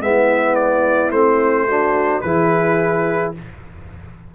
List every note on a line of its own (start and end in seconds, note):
0.00 1.11 G#3
0.00 1.12 B3
0.00 1.67 E4
0.00 0.55 E5
0.55 1.11 D5
1.11 2.22 A3
1.11 1.68 C4
1.11 2.21 C5
1.67 2.23 D4
1.67 2.23 F#4
2.21 3.35 E3
2.21 3.35 E4
2.21 3.34 G#4
2.21 3.32 B4